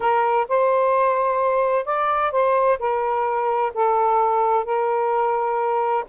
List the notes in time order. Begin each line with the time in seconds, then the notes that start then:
0.00 A#4
0.48 C5
1.85 D5
2.31 C5
2.79 A#4
3.73 A4
4.64 A#4